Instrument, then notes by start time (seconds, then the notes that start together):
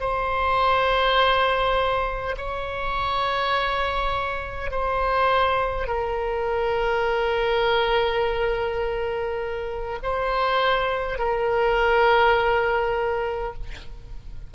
oboe
0.00 C5
2.37 C#5
4.71 C5
5.87 A#4
10.03 C5
11.18 A#4